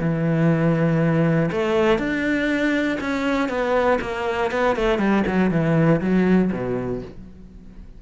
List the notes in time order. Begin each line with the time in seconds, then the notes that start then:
0.00 E3
1.52 A3
1.98 D4
3.00 C#4
3.49 B3
4.01 A#3
4.51 B3
4.76 A3
4.98 G3
5.27 F#3
5.51 E3
6.01 F#3
6.52 B2